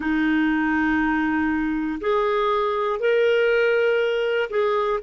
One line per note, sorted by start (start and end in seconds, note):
0.00 2.00 D#4
2.00 2.99 G#4
2.99 4.49 A#4
4.50 5.00 G#4